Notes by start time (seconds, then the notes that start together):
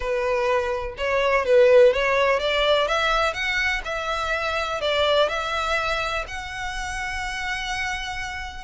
0.00 B4
0.97 C#5
1.45 B4
1.93 C#5
2.39 D5
2.87 E5
3.33 F#5
3.84 E5
4.80 D5
5.28 E5
6.27 F#5